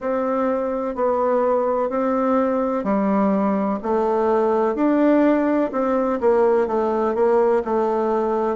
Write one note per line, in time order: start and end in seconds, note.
0.00 0.95 C4
0.95 1.89 B3
1.89 2.84 C4
2.84 3.79 G3
3.82 4.75 A3
4.75 5.70 D4
5.71 6.19 C4
6.20 6.67 A#3
6.67 7.14 A3
7.14 7.62 A#3
7.65 8.56 A3